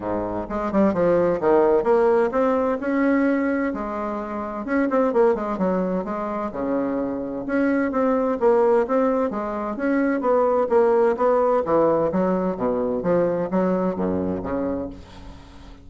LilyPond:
\new Staff \with { instrumentName = "bassoon" } { \time 4/4 \tempo 4 = 129 gis,4 gis8 g8 f4 dis4 | ais4 c'4 cis'2 | gis2 cis'8 c'8 ais8 gis8 | fis4 gis4 cis2 |
cis'4 c'4 ais4 c'4 | gis4 cis'4 b4 ais4 | b4 e4 fis4 b,4 | f4 fis4 fis,4 cis4 | }